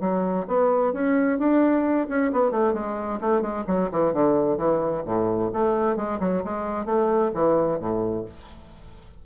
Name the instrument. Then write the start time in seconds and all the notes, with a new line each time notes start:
bassoon
0.00 F#3
0.47 B3
0.93 C#4
1.39 D4
2.08 C#4
2.32 B3
2.51 A3
2.74 G#3
3.21 A3
3.41 G#3
3.67 F#3
3.91 E3
4.13 D3
4.57 E3
5.05 A2
5.53 A3
5.96 G#3
6.20 F#3
6.44 G#3
6.85 A3
7.34 E3
7.79 A2